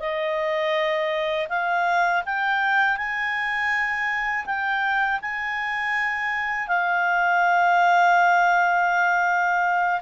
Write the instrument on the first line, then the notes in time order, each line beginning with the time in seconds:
clarinet
0.00 D#5
1.49 F5
2.26 G5
2.98 G#5
4.46 G5
5.22 G#5
6.68 F5